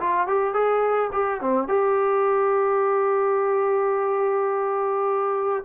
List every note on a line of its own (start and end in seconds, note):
0.00 0.28 F4
0.28 0.54 G4
0.54 1.11 G#4
1.13 1.41 G4
1.42 1.68 C4
1.68 5.64 G4